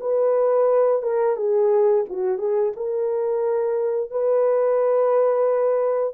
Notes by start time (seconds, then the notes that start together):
0.00 B4
1.02 A#4
1.36 G#4
2.09 F#4
2.38 G#4
2.76 A#4
4.10 B4